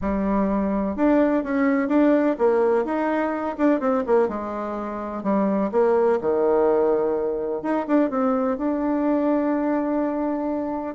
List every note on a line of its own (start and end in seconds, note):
0.01 0.96 G3
0.96 1.43 D4
1.43 1.88 C#4
1.88 2.36 D4
2.38 2.84 A#3
2.84 3.56 D#4
3.57 3.79 D4
3.79 4.03 C4
4.06 4.28 A#3
4.28 5.23 G#3
5.23 5.70 G3
5.71 6.19 A#3
6.20 7.62 D#3
7.62 7.86 D#4
7.87 8.10 D4
8.10 8.57 C4
8.57 10.95 D4